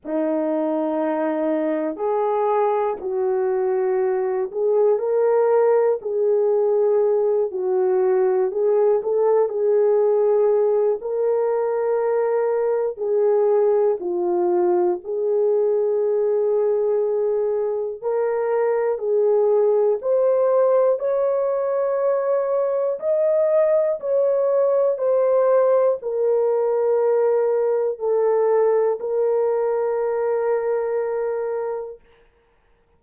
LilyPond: \new Staff \with { instrumentName = "horn" } { \time 4/4 \tempo 4 = 60 dis'2 gis'4 fis'4~ | fis'8 gis'8 ais'4 gis'4. fis'8~ | fis'8 gis'8 a'8 gis'4. ais'4~ | ais'4 gis'4 f'4 gis'4~ |
gis'2 ais'4 gis'4 | c''4 cis''2 dis''4 | cis''4 c''4 ais'2 | a'4 ais'2. | }